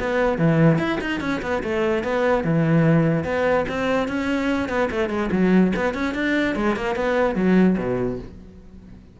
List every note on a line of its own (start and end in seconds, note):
0.00 0.38 B3
0.38 0.79 E3
0.79 0.99 E4
1.01 1.21 D#4
1.21 1.42 C#4
1.43 1.63 B3
1.64 2.04 A3
2.04 2.44 B3
2.44 3.24 E3
3.24 3.66 B3
3.69 4.08 C4
4.08 4.69 C#4
4.69 4.90 B3
4.91 5.10 A3
5.10 5.30 G#3
5.32 5.73 F#3
5.76 5.94 B3
5.94 6.15 C#4
6.15 6.56 D4
6.56 6.76 G#3
6.76 6.96 A#3
6.96 7.36 B3
7.36 7.77 F#3
7.78 8.19 B2